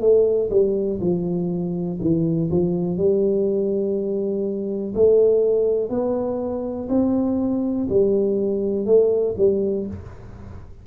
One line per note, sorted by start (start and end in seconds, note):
0.00 0.49 A3
0.51 1.00 G3
1.01 1.99 F3
2.01 2.50 E3
2.51 2.97 F3
2.97 4.94 G3
4.94 5.90 A3
5.90 6.88 B3
6.89 7.87 C4
7.90 8.86 G3
8.86 9.35 A3
9.38 9.87 G3